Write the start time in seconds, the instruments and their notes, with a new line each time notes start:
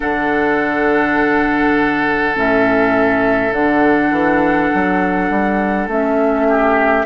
0.00 bassoon D3, clarinet D4, oboe A4, flute F#5
2.34 bassoon A2, clarinet C#4, flute E5
3.52 bassoon D3, clarinet D4, flute F#5
4.11 bassoon E3
4.74 bassoon F#3
5.29 bassoon G3
5.87 bassoon A3, clarinet C#4, flute E5
6.48 oboe G4